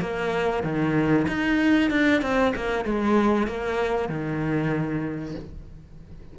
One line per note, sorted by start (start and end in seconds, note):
0.00 0.63 A#3
0.63 1.26 D#3
1.27 1.90 D#4
1.90 2.21 D4
2.21 2.53 C4
2.55 2.84 A#3
2.84 3.47 G#3
3.47 4.08 A#3
4.08 5.35 D#3